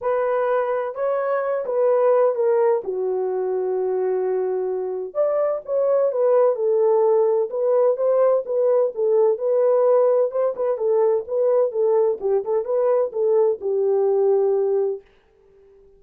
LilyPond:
\new Staff \with { instrumentName = "horn" } { \time 4/4 \tempo 4 = 128 b'2 cis''4. b'8~ | b'4 ais'4 fis'2~ | fis'2. d''4 | cis''4 b'4 a'2 |
b'4 c''4 b'4 a'4 | b'2 c''8 b'8 a'4 | b'4 a'4 g'8 a'8 b'4 | a'4 g'2. | }